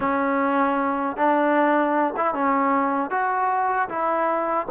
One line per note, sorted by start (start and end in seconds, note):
0.00 1.17 C#4
1.17 2.14 D4
2.16 2.34 E4
2.34 3.10 C#4
3.10 3.88 F#4
3.88 4.66 E4